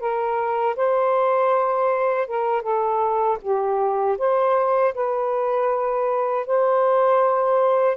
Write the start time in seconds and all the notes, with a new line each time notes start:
0.00 A#4
0.76 C5
2.28 A#4
2.62 A4
3.42 G4
4.18 C5
4.95 B4
6.47 C5